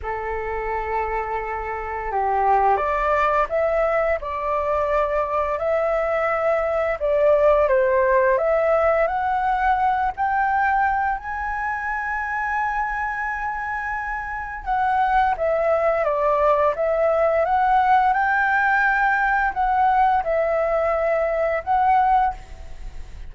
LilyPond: \new Staff \with { instrumentName = "flute" } { \time 4/4 \tempo 4 = 86 a'2. g'4 | d''4 e''4 d''2 | e''2 d''4 c''4 | e''4 fis''4. g''4. |
gis''1~ | gis''4 fis''4 e''4 d''4 | e''4 fis''4 g''2 | fis''4 e''2 fis''4 | }